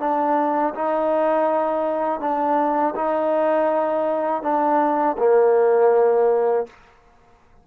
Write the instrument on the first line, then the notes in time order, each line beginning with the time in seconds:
trombone
0.00 D4
0.75 D#4
2.21 D4
2.96 D#4
4.43 D4
5.19 A#3